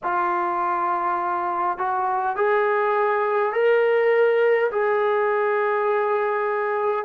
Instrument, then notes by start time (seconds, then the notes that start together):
trombone
0.03 F4
1.78 F#4
2.36 G#4
3.52 A#4
4.71 G#4